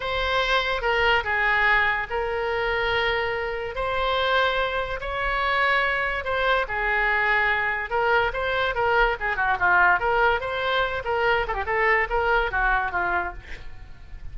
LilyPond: \new Staff \with { instrumentName = "oboe" } { \time 4/4 \tempo 4 = 144 c''2 ais'4 gis'4~ | gis'4 ais'2.~ | ais'4 c''2. | cis''2. c''4 |
gis'2. ais'4 | c''4 ais'4 gis'8 fis'8 f'4 | ais'4 c''4. ais'4 a'16 g'16 | a'4 ais'4 fis'4 f'4 | }